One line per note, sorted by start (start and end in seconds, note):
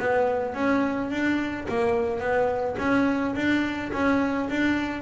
0.00 0.55 B3
0.55 1.11 C#4
1.11 1.67 D4
1.69 2.20 A#3
2.20 2.76 B3
2.79 3.35 C#4
3.36 3.92 D4
3.93 4.49 C#4
4.50 5.02 D4